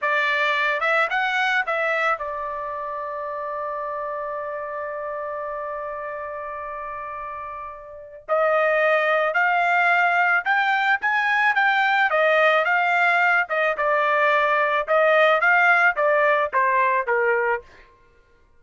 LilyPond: \new Staff \with { instrumentName = "trumpet" } { \time 4/4 \tempo 4 = 109 d''4. e''8 fis''4 e''4 | d''1~ | d''1~ | d''2. dis''4~ |
dis''4 f''2 g''4 | gis''4 g''4 dis''4 f''4~ | f''8 dis''8 d''2 dis''4 | f''4 d''4 c''4 ais'4 | }